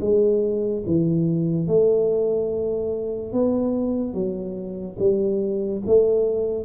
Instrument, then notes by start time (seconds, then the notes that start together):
tuba
0.00 G#3
0.86 E3
1.67 A3
3.32 B3
4.13 F#3
4.98 G3
5.86 A3